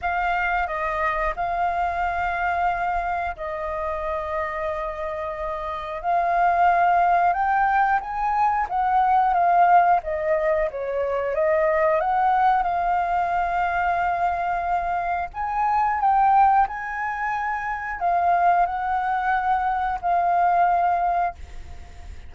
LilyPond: \new Staff \with { instrumentName = "flute" } { \time 4/4 \tempo 4 = 90 f''4 dis''4 f''2~ | f''4 dis''2.~ | dis''4 f''2 g''4 | gis''4 fis''4 f''4 dis''4 |
cis''4 dis''4 fis''4 f''4~ | f''2. gis''4 | g''4 gis''2 f''4 | fis''2 f''2 | }